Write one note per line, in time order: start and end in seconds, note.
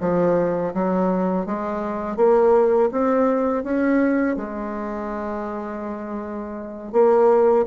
0.00 0.73 F3
0.74 1.45 F#3
1.45 2.16 G#3
2.16 2.89 A#3
2.91 3.63 C4
3.63 4.36 C#4
4.36 6.92 G#3
6.92 7.65 A#3